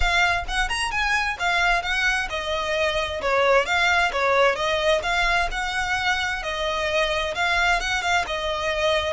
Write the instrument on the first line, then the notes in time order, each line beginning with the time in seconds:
violin
0.00 F5
0.48 F#5
0.68 A#5
0.91 G#5
1.39 F5
1.82 F#5
2.29 D#5
3.21 C#5
3.65 F5
4.12 C#5
4.55 D#5
5.03 F5
5.51 F#5
6.42 D#5
7.34 F5
7.80 F#5
8.02 F5
8.27 D#5